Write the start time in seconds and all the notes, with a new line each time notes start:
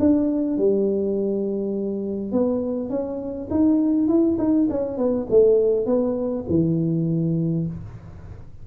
0.00 D4
0.58 G3
2.32 B3
2.90 C#4
3.51 D#4
4.08 E4
4.39 D#4
4.71 C#4
4.98 B3
5.30 A3
5.86 B3
6.50 E3